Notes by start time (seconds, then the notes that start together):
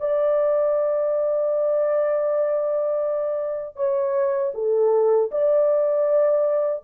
0.00 D5
3.76 C#5
4.54 A4
5.32 D5